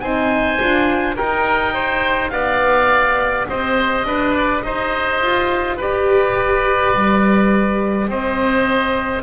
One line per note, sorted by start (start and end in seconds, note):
0.00 0.59 C4
0.00 0.60 D#4
0.00 1.17 C5
0.00 1.15 G#5
0.60 1.19 D4
0.60 1.17 F4
1.17 2.31 D#4
1.17 9.23 G4
1.17 1.74 A#4
1.17 2.30 G5
1.74 2.32 C5
2.30 3.47 B3
2.30 3.48 D5
2.30 3.45 F5
3.49 4.05 C4
3.49 4.07 C5
3.49 4.35 D#5
4.05 4.62 D4
4.05 4.65 B4
4.35 4.62 D5
4.62 5.21 D#4
4.62 5.77 C5
4.62 5.77 D#5
5.21 5.79 F4
5.77 6.94 G4
5.77 8.08 B4
5.77 8.10 D5
6.94 8.08 G3
8.08 9.23 C4
8.08 9.23 C5
8.08 9.23 D#5